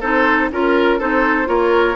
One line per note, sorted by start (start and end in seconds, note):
0.00 0.51 C4
0.00 0.52 D#4
0.00 0.49 A4
0.00 0.50 C5
0.51 1.00 C#4
0.51 0.99 F4
0.51 0.98 A#4
0.51 1.00 A#4
0.98 1.47 C4
0.98 1.45 D#4
0.98 1.47 A4
0.98 1.48 C5
1.45 1.96 A#3
1.45 1.94 F4
1.45 1.96 A#4
1.45 1.96 C#5